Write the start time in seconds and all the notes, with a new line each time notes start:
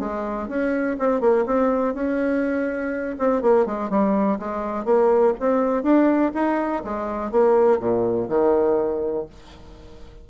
0.00 G#3
0.49 C#4
0.99 C4
1.21 A#3
1.46 C4
1.95 C#4
3.19 C4
3.42 A#3
3.66 G#3
3.90 G3
4.39 G#3
4.85 A#3
5.40 C4
5.84 D4
6.35 D#4
6.85 G#3
7.32 A#3
7.80 A#2
8.29 D#3